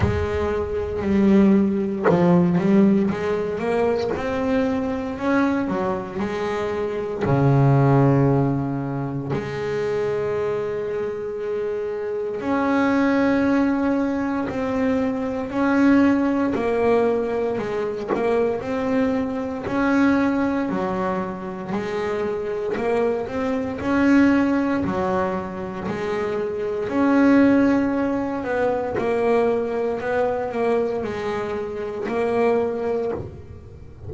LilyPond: \new Staff \with { instrumentName = "double bass" } { \time 4/4 \tempo 4 = 58 gis4 g4 f8 g8 gis8 ais8 | c'4 cis'8 fis8 gis4 cis4~ | cis4 gis2. | cis'2 c'4 cis'4 |
ais4 gis8 ais8 c'4 cis'4 | fis4 gis4 ais8 c'8 cis'4 | fis4 gis4 cis'4. b8 | ais4 b8 ais8 gis4 ais4 | }